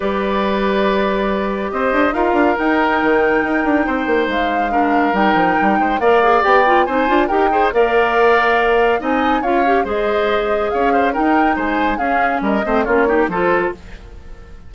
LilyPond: <<
  \new Staff \with { instrumentName = "flute" } { \time 4/4 \tempo 4 = 140 d''1 | dis''4 f''4 g''2~ | g''2 f''2 | g''2 f''4 g''4 |
gis''4 g''4 f''2~ | f''4 gis''4 f''4 dis''4~ | dis''4 f''4 g''4 gis''4 | f''4 dis''4 cis''4 c''4 | }
  \new Staff \with { instrumentName = "oboe" } { \time 4/4 b'1 | c''4 ais'2.~ | ais'4 c''2 ais'4~ | ais'4. c''8 d''2 |
c''4 ais'8 c''8 d''2~ | d''4 dis''4 cis''4 c''4~ | c''4 cis''8 c''8 ais'4 c''4 | gis'4 ais'8 c''8 f'8 g'8 a'4 | }
  \new Staff \with { instrumentName = "clarinet" } { \time 4/4 g'1~ | g'4 f'4 dis'2~ | dis'2. d'4 | dis'2 ais'8 gis'8 g'8 f'8 |
dis'8 f'8 g'8 gis'8 ais'2~ | ais'4 dis'4 f'8 g'8 gis'4~ | gis'2 dis'2 | cis'4. c'8 cis'8 dis'8 f'4 | }
  \new Staff \with { instrumentName = "bassoon" } { \time 4/4 g1 | c'8 d'8 dis'8 d'8 dis'4 dis4 | dis'8 d'8 c'8 ais8 gis2 | g8 f8 g8 gis8 ais4 b4 |
c'8 d'8 dis'4 ais2~ | ais4 c'4 cis'4 gis4~ | gis4 cis'4 dis'4 gis4 | cis'4 g8 a8 ais4 f4 | }
>>